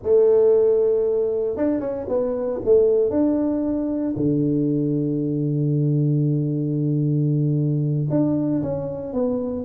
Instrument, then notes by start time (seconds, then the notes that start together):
tuba
0.03 A3
1.56 D4
1.80 C#4
2.08 B3
2.64 A3
3.10 D4
4.16 D3
8.10 D4
8.62 C#4
9.13 B3